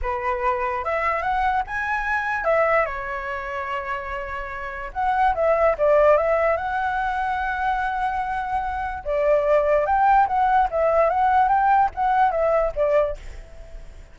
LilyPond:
\new Staff \with { instrumentName = "flute" } { \time 4/4 \tempo 4 = 146 b'2 e''4 fis''4 | gis''2 e''4 cis''4~ | cis''1 | fis''4 e''4 d''4 e''4 |
fis''1~ | fis''2 d''2 | g''4 fis''4 e''4 fis''4 | g''4 fis''4 e''4 d''4 | }